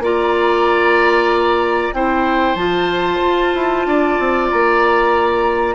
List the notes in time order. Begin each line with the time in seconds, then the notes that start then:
0.00 A#3 F4 D5 A#5
1.94 C4 E4 C5 G5
2.56 F3 F4 A5
3.21 F4
3.55 E4
3.86 D4 D5
4.19 C4
4.51 A#3 A#5